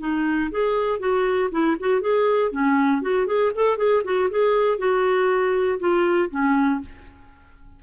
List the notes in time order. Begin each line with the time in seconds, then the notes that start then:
0.00 D#4
0.51 G#4
1.00 F#4
1.52 E4
1.80 F#4
2.01 G#4
2.52 C#4
3.02 F#4
3.27 G#4
3.55 A4
3.78 G#4
4.05 F#4
4.30 G#4
4.79 F#4
5.80 F4
6.30 C#4